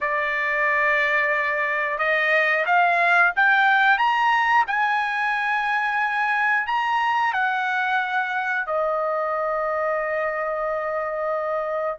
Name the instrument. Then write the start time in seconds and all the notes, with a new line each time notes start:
trumpet
0.00 D5
1.98 D#5
2.66 F5
3.35 G5
3.98 A#5
4.67 G#5
6.66 A#5
7.33 F#5
8.66 D#5